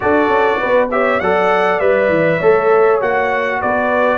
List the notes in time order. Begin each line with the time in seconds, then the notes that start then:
0.00 D4 F#4 A4 D5
0.28 C#4
0.59 B3 B4
0.90 G4 C#5 E5
1.20 F#3 A4 D5 F#5
1.79 G3 B4 E5
2.08 E3
2.38 A3 A4 C#5
3.01 A#3 F#4 F#5
3.59 B3 B4 D5